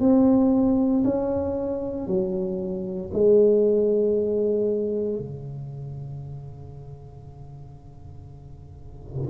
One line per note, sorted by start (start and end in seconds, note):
0.00 1.03 C4
1.04 2.07 C#4
2.07 3.11 F#3
3.13 5.19 G#3
5.19 9.30 C#3